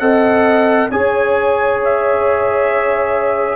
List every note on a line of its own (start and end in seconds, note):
0.00 0.90 C4
0.00 0.90 A4
0.00 0.90 D#5
0.00 0.90 F#5
0.90 3.56 C#4
0.90 3.56 G#4
0.90 3.56 C#5
0.90 1.81 G#5
1.85 3.56 E5